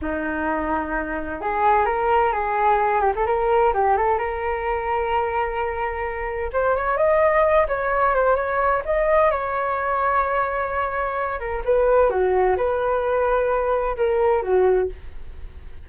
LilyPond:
\new Staff \with { instrumentName = "flute" } { \time 4/4 \tempo 4 = 129 dis'2. gis'4 | ais'4 gis'4. g'16 a'16 ais'4 | g'8 a'8 ais'2.~ | ais'2 c''8 cis''8 dis''4~ |
dis''8 cis''4 c''8 cis''4 dis''4 | cis''1~ | cis''8 ais'8 b'4 fis'4 b'4~ | b'2 ais'4 fis'4 | }